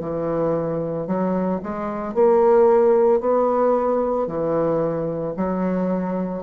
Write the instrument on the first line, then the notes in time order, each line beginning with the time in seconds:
bassoon
0.00 E3
1.07 F#3
1.63 G#3
2.14 A#3
3.20 B3
4.27 E3
5.37 F#3